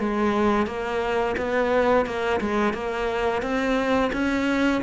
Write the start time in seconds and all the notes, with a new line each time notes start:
0.00 G#3
0.67 A#3
1.38 B3
2.06 A#3
2.41 G#3
2.74 A#3
3.43 C4
4.13 C#4